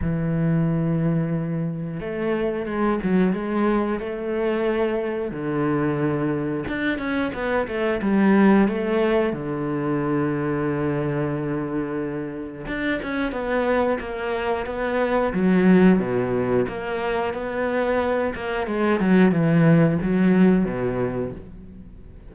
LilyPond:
\new Staff \with { instrumentName = "cello" } { \time 4/4 \tempo 4 = 90 e2. a4 | gis8 fis8 gis4 a2 | d2 d'8 cis'8 b8 a8 | g4 a4 d2~ |
d2. d'8 cis'8 | b4 ais4 b4 fis4 | b,4 ais4 b4. ais8 | gis8 fis8 e4 fis4 b,4 | }